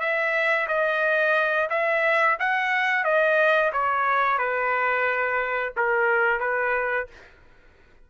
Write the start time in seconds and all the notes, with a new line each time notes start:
0.00 E5
0.68 D#5
1.70 E5
2.40 F#5
3.05 D#5
3.73 C#5
4.39 B4
5.77 A#4
6.40 B4